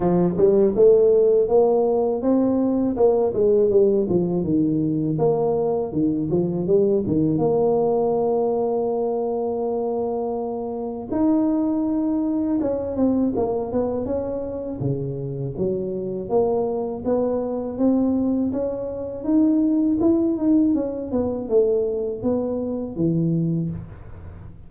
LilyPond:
\new Staff \with { instrumentName = "tuba" } { \time 4/4 \tempo 4 = 81 f8 g8 a4 ais4 c'4 | ais8 gis8 g8 f8 dis4 ais4 | dis8 f8 g8 dis8 ais2~ | ais2. dis'4~ |
dis'4 cis'8 c'8 ais8 b8 cis'4 | cis4 fis4 ais4 b4 | c'4 cis'4 dis'4 e'8 dis'8 | cis'8 b8 a4 b4 e4 | }